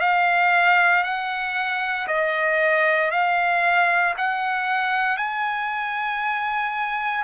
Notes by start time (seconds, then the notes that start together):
0.00 F5
1.03 F#5
2.07 D#5
3.11 F5
4.17 F#5
5.17 G#5